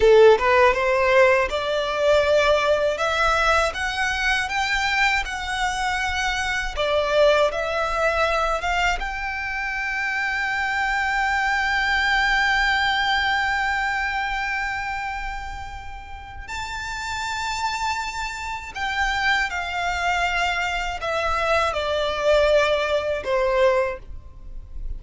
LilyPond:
\new Staff \with { instrumentName = "violin" } { \time 4/4 \tempo 4 = 80 a'8 b'8 c''4 d''2 | e''4 fis''4 g''4 fis''4~ | fis''4 d''4 e''4. f''8 | g''1~ |
g''1~ | g''2 a''2~ | a''4 g''4 f''2 | e''4 d''2 c''4 | }